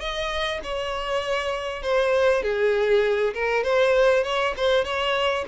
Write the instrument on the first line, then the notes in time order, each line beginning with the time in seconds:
violin
0.00 D#5
0.64 C#5
1.83 C5
2.43 G#4
3.34 A#4
3.64 C5
4.24 C#5
4.57 C5
4.84 C#5